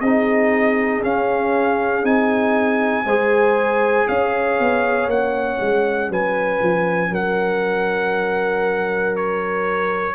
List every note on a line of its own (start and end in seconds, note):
0.00 1.02 C4
0.00 1.03 D#4
0.00 3.05 G#4
0.00 1.02 D#5
1.03 2.03 C#4
1.03 2.05 F5
2.03 3.04 C4
2.03 3.04 D#4
2.03 4.08 G#5
3.05 4.06 G#3
3.05 5.10 G#4
3.05 4.07 C5
4.08 4.59 C#4
4.08 6.10 C#5
4.08 5.09 F5
4.59 5.07 B3
5.07 5.57 A#3
5.07 10.15 C#4
5.07 6.11 F#5
5.60 6.09 G#3
6.09 6.60 F#3
6.09 7.11 B4
6.09 7.14 G#5
6.62 7.10 F3
7.10 10.15 F#3
7.10 10.15 A#4
7.10 9.16 F#5
9.16 10.15 C#5